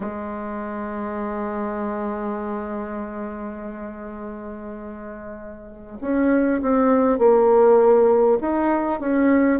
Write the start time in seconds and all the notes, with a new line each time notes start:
0.00 G#3
6.01 C#4
6.62 C4
7.18 A#3
8.41 D#4
8.99 C#4